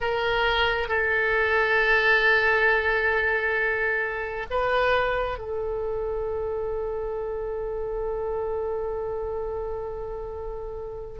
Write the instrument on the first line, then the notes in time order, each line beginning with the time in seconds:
oboe
0.00 A#4
0.88 A4
4.50 B4
5.38 A4